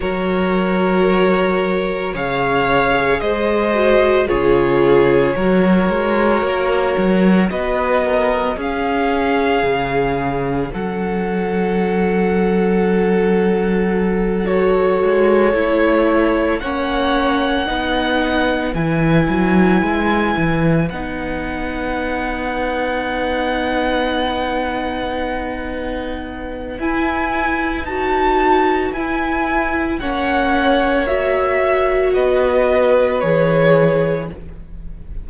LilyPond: <<
  \new Staff \with { instrumentName = "violin" } { \time 4/4 \tempo 4 = 56 cis''2 f''4 dis''4 | cis''2. dis''4 | f''2 fis''2~ | fis''4. cis''2 fis''8~ |
fis''4. gis''2 fis''8~ | fis''1~ | fis''4 gis''4 a''4 gis''4 | fis''4 e''4 dis''4 cis''4 | }
  \new Staff \with { instrumentName = "violin" } { \time 4/4 ais'2 cis''4 c''4 | gis'4 ais'2 b'8 ais'8 | gis'2 a'2~ | a'2.~ a'8 cis''8~ |
cis''8 b'2.~ b'8~ | b'1~ | b'1 | cis''2 b'2 | }
  \new Staff \with { instrumentName = "viola" } { \time 4/4 fis'2 gis'4. fis'8 | f'4 fis'2. | cis'1~ | cis'4. fis'4 e'4 cis'8~ |
cis'8 dis'4 e'2 dis'8~ | dis'1~ | dis'4 e'4 fis'4 e'4 | cis'4 fis'2 gis'4 | }
  \new Staff \with { instrumentName = "cello" } { \time 4/4 fis2 cis4 gis4 | cis4 fis8 gis8 ais8 fis8 b4 | cis'4 cis4 fis2~ | fis2 gis8 a4 ais8~ |
ais8 b4 e8 fis8 gis8 e8 b8~ | b1~ | b4 e'4 dis'4 e'4 | ais2 b4 e4 | }
>>